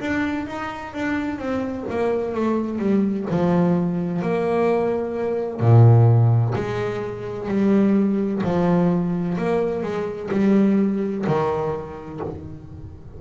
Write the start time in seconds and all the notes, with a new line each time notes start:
0.00 D4
0.47 D#4
0.94 D4
1.38 C4
1.90 A#3
2.34 A3
2.79 G3
3.30 F3
4.22 A#3
5.60 A#2
6.56 G#3
7.49 G3
8.44 F3
9.38 A#3
9.83 G#3
10.32 G3
11.27 D#3